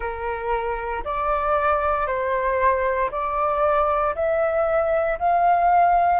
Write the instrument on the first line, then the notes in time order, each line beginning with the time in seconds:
flute
0.00 A#4
1.04 D5
2.06 C5
3.11 D5
4.15 E5
5.18 F5